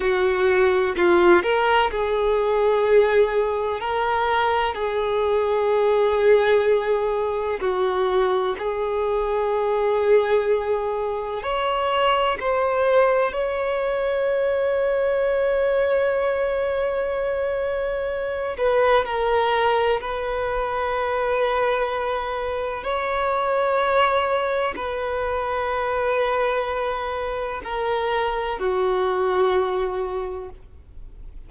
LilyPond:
\new Staff \with { instrumentName = "violin" } { \time 4/4 \tempo 4 = 63 fis'4 f'8 ais'8 gis'2 | ais'4 gis'2. | fis'4 gis'2. | cis''4 c''4 cis''2~ |
cis''2.~ cis''8 b'8 | ais'4 b'2. | cis''2 b'2~ | b'4 ais'4 fis'2 | }